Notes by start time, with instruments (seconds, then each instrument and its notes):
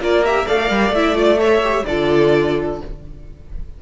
0.00 cello A#3, viola F4, violin A#4 D5
0.25 viola G4, violin E5
0.47 cello A3, viola A4, violin D5 F5
0.61 viola A#4
0.71 cello G3
0.90 cello A3, viola E4, violin E5
1.15 viola F4, violin D5
1.39 viola A4, violin C#5 E5
1.63 viola G4
1.85 cello D3, viola F4, violin A4 D5